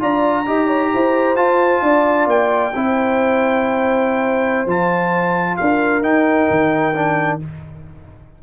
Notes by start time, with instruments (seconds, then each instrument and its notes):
0.00 tuba D4, trombone F4, horn D5, trumpet A#5
0.46 tuba D#4, trombone G4, horn D#5
0.67 horn C#5
0.93 tuba E4, horn C5
1.36 tuba F4, trombone F4, trumpet A5
1.82 tuba D4, horn D5
2.27 tuba A#3, trumpet G5
2.75 tuba C4, trombone E4, horn C5
4.66 tuba F3, trombone F4, trumpet A5
5.57 tuba D4, horn A#4, trumpet F5
6.02 tuba D#4, trombone D#4, trumpet G5
6.50 tuba D#3
6.94 trombone D4